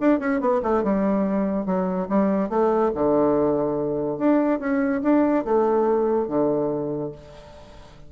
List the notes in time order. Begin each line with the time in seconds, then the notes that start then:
0.00 D4
0.19 C#4
0.40 B3
0.63 A3
0.83 G3
1.66 F#3
2.09 G3
2.49 A3
2.94 D3
4.18 D4
4.59 C#4
5.02 D4
5.45 A3
6.28 D3